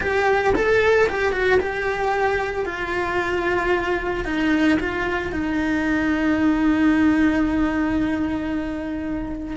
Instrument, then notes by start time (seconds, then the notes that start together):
cello
0.00 G4
0.55 A4
1.08 G4
1.32 F#4
1.60 G4
2.65 F4
4.24 D#4
4.79 F4
5.31 D#4